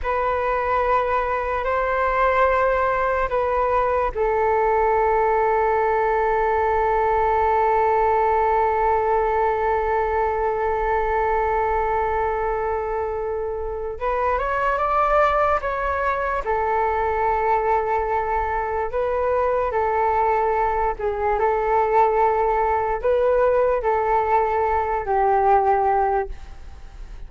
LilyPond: \new Staff \with { instrumentName = "flute" } { \time 4/4 \tempo 4 = 73 b'2 c''2 | b'4 a'2.~ | a'1~ | a'1~ |
a'4 b'8 cis''8 d''4 cis''4 | a'2. b'4 | a'4. gis'8 a'2 | b'4 a'4. g'4. | }